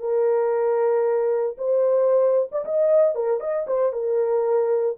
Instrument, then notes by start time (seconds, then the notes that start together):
horn
0.00 A#4
1.58 C5
2.52 D5
2.65 D#5
3.15 A#4
3.40 D#5
3.67 C5
3.93 A#4